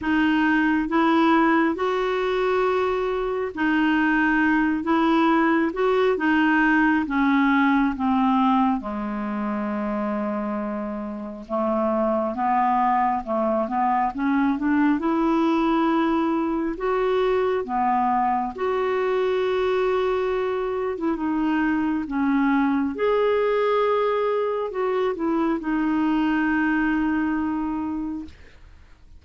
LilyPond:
\new Staff \with { instrumentName = "clarinet" } { \time 4/4 \tempo 4 = 68 dis'4 e'4 fis'2 | dis'4. e'4 fis'8 dis'4 | cis'4 c'4 gis2~ | gis4 a4 b4 a8 b8 |
cis'8 d'8 e'2 fis'4 | b4 fis'2~ fis'8. e'16 | dis'4 cis'4 gis'2 | fis'8 e'8 dis'2. | }